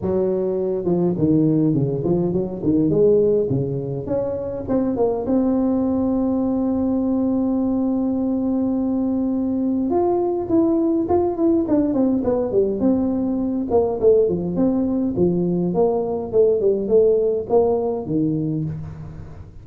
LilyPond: \new Staff \with { instrumentName = "tuba" } { \time 4/4 \tempo 4 = 103 fis4. f8 dis4 cis8 f8 | fis8 dis8 gis4 cis4 cis'4 | c'8 ais8 c'2.~ | c'1~ |
c'4 f'4 e'4 f'8 e'8 | d'8 c'8 b8 g8 c'4. ais8 | a8 f8 c'4 f4 ais4 | a8 g8 a4 ais4 dis4 | }